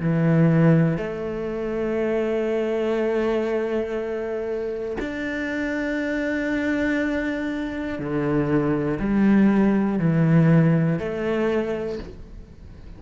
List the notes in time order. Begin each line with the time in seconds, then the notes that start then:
0.00 E3
0.97 A3
5.00 D4
7.99 D3
8.99 G3
9.99 E3
10.98 A3